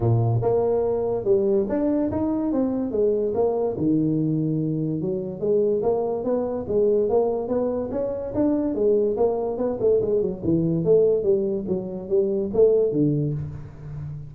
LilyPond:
\new Staff \with { instrumentName = "tuba" } { \time 4/4 \tempo 4 = 144 ais,4 ais2 g4 | d'4 dis'4 c'4 gis4 | ais4 dis2. | fis4 gis4 ais4 b4 |
gis4 ais4 b4 cis'4 | d'4 gis4 ais4 b8 a8 | gis8 fis8 e4 a4 g4 | fis4 g4 a4 d4 | }